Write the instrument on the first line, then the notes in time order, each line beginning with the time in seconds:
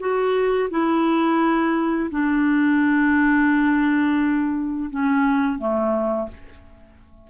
clarinet
0.00 F#4
0.70 E4
2.11 D4
4.90 C#4
5.59 A3